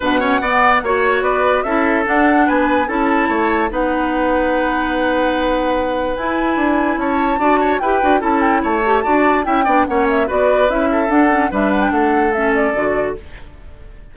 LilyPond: <<
  \new Staff \with { instrumentName = "flute" } { \time 4/4 \tempo 4 = 146 fis''2 cis''4 d''4 | e''4 fis''4 gis''4 a''4~ | a''4 fis''2.~ | fis''2. gis''4~ |
gis''4 a''2 g''4 | a''8 g''8 a''2 g''4 | fis''8 e''8 d''4 e''4 fis''4 | e''8 fis''16 g''16 fis''4 e''8 d''4. | }
  \new Staff \with { instrumentName = "oboe" } { \time 4/4 b'8 cis''8 d''4 cis''4 b'4 | a'2 b'4 a'4 | cis''4 b'2.~ | b'1~ |
b'4 cis''4 d''8 cis''8 b'4 | a'4 cis''4 d''4 e''8 d''8 | cis''4 b'4. a'4. | b'4 a'2. | }
  \new Staff \with { instrumentName = "clarinet" } { \time 4/4 d'8 cis'8 b4 fis'2 | e'4 d'2 e'4~ | e'4 dis'2.~ | dis'2. e'4~ |
e'2 fis'4 g'8 fis'8 | e'4. g'8 fis'4 e'8 d'8 | cis'4 fis'4 e'4 d'8 cis'8 | d'2 cis'4 fis'4 | }
  \new Staff \with { instrumentName = "bassoon" } { \time 4/4 b,4 b4 ais4 b4 | cis'4 d'4 b4 cis'4 | a4 b2.~ | b2. e'4 |
d'4 cis'4 d'4 e'8 d'8 | cis'4 a4 d'4 cis'8 b8 | ais4 b4 cis'4 d'4 | g4 a2 d4 | }
>>